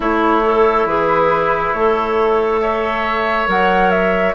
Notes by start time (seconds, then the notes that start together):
0.00 A3 E4 C#5
0.44 A4
0.85 E3 G#4 B4
1.73 A3 A4 C#5
2.61 C#5 E5
3.46 F#3 A#4 F#5
3.90 E5